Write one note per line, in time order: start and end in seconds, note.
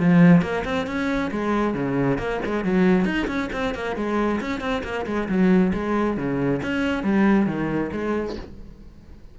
0.00 0.42 F3
0.42 0.64 A#3
0.65 0.87 C4
0.87 1.31 C#4
1.31 1.74 G#3
1.74 2.18 C#3
2.18 2.40 A#3
2.45 2.64 G#3
2.64 3.05 F#3
3.05 3.27 D#4
3.27 3.49 C#4
3.53 3.75 C4
3.75 3.96 A#3
3.96 4.40 G#3
4.41 4.61 C#4
4.61 4.83 C4
4.84 5.06 A#3
5.06 5.28 G#3
5.29 5.73 F#3
5.73 6.17 G#3
6.17 6.61 C#3
6.63 7.03 C#4
7.03 7.47 G3
7.47 7.91 D#3
7.92 8.36 G#3